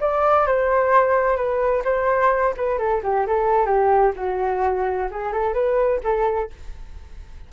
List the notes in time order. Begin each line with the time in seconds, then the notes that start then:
0.00 D5
0.47 C5
1.36 B4
1.84 C5
2.56 B4
2.78 A4
3.03 G4
3.26 A4
3.66 G4
4.16 F#4
5.11 G#4
5.32 A4
5.53 B4
6.03 A4